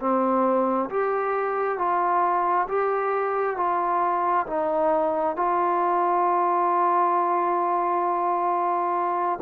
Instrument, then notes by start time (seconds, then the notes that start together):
trombone
0.00 C4
0.90 G4
1.78 F4
2.68 G4
3.57 F4
4.47 D#4
5.36 F4